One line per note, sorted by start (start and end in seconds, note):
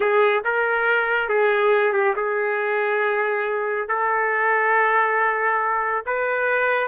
0.00 0.43 G#4
0.44 1.29 A#4
1.29 1.92 G#4
1.92 2.14 G4
2.16 3.88 G#4
3.88 6.04 A4
6.05 6.87 B4